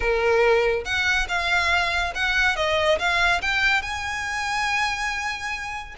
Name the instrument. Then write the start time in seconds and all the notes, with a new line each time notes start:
violin
0.00 A#4
0.84 F#5
1.28 F5
2.14 F#5
2.55 D#5
2.98 F5
3.41 G5
3.81 G#5